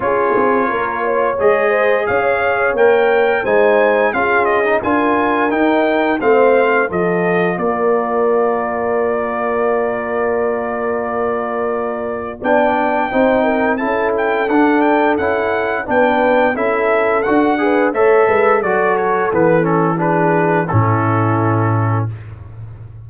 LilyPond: <<
  \new Staff \with { instrumentName = "trumpet" } { \time 4/4 \tempo 4 = 87 cis''2 dis''4 f''4 | g''4 gis''4 f''8 dis''8 gis''4 | g''4 f''4 dis''4 d''4~ | d''1~ |
d''2 g''2 | a''8 g''8 fis''8 g''8 fis''4 g''4 | e''4 fis''4 e''4 d''8 cis''8 | b'8 a'8 b'4 a'2 | }
  \new Staff \with { instrumentName = "horn" } { \time 4/4 gis'4 ais'8 cis''4 c''8 cis''4~ | cis''4 c''4 gis'4 ais'4~ | ais'4 c''4 a'4 ais'4~ | ais'1~ |
ais'2 d''4 c''8 ais'8 | a'2. b'4 | a'4. b'8 cis''8 b'8 a'4~ | a'4 gis'4 e'2 | }
  \new Staff \with { instrumentName = "trombone" } { \time 4/4 f'2 gis'2 | ais'4 dis'4 f'8. dis'16 f'4 | dis'4 c'4 f'2~ | f'1~ |
f'2 d'4 dis'4 | e'4 d'4 e'4 d'4 | e'4 fis'8 gis'8 a'4 fis'4 | b8 cis'8 d'4 cis'2 | }
  \new Staff \with { instrumentName = "tuba" } { \time 4/4 cis'8 c'8 ais4 gis4 cis'4 | ais4 gis4 cis'4 d'4 | dis'4 a4 f4 ais4~ | ais1~ |
ais2 b4 c'4 | cis'4 d'4 cis'4 b4 | cis'4 d'4 a8 gis8 fis4 | e2 a,2 | }
>>